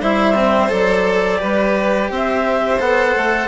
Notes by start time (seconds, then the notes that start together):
0.00 G3 E4 C5 E5
0.34 C4
0.69 F#3 A4 D5
1.38 G3 G4 B4
2.09 C4 C5 E5
2.79 B3 A4 F#5
3.16 A3